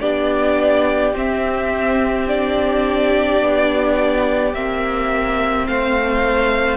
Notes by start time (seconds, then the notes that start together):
0.00 B3 D4 G4 D5
1.12 C4 E5
2.27 D4 D5
3.41 B3
4.54 A#3 C4 E5
5.67 A3 C5 F5